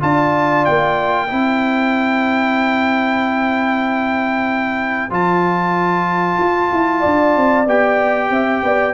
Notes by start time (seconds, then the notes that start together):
0.00 D4 F4 D5 A5
0.65 A#3 G5
1.28 C4 E4 C5
5.10 F3 F4 A5
6.38 F4
6.72 E4
6.99 D4 D5
7.36 C4
7.67 B3 G4 G5
8.30 C4 E5
8.63 B3 D5